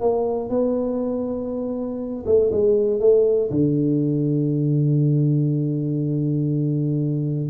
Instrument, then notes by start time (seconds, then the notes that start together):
tuba
0.00 A#3
0.49 B3
2.25 A3
2.51 G#3
3.00 A3
3.50 D3